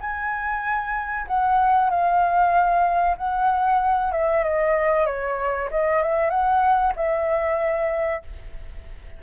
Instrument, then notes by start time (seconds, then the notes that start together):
flute
0.00 G#5
1.27 F#5
1.90 F5
3.17 F#5
4.12 E5
4.43 D#5
5.06 C#5
5.70 D#5
6.02 E5
6.30 F#5
6.96 E5